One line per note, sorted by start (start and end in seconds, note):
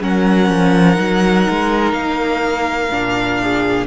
0.00 0.49 F#3
0.00 0.95 C#4
0.00 3.41 A#4
0.00 1.92 F#5
0.49 0.97 F3
0.95 1.47 F#3
0.95 2.88 D#4
1.49 1.93 G#3
1.92 2.89 A#3
1.92 3.86 F5
2.90 3.86 A#2
2.90 3.86 D4
3.42 3.86 G#4